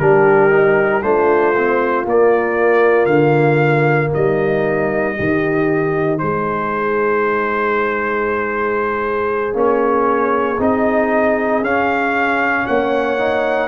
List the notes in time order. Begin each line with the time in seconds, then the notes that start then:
0.00 G3 D4 G4 A#4
0.50 D#4
1.03 A3 D4 F4 C5
1.56 C4
2.06 A#3 D5
3.06 D3 F5
4.12 G3 D#4 D#5
5.16 D#3 D#4 G4
6.19 G#3 G#4 C5
9.53 A#3 C#4 C#5
10.59 C4 D#4 D#5
11.62 C#4 F5
12.67 A#3 C#5 F#5
13.18 D#4